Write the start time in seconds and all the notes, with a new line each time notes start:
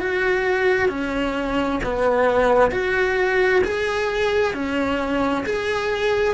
0.00 F#4
0.89 C#4
1.83 B3
2.71 F#4
3.64 G#4
4.54 C#4
5.46 G#4